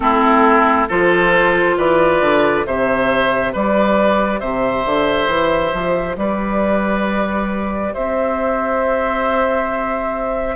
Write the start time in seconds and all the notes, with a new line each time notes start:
0.00 A3 C4 E4 A4
0.88 F3 F4 A4 C5
1.77 E3 B4 D5
2.20 D3
2.64 C3 G4 C5 E5
3.52 G3 B4 D5
4.39 C3 C5 E5
4.85 D3
5.27 E3
5.73 F3
6.16 G3 B4 D5
7.93 C4 C5 E5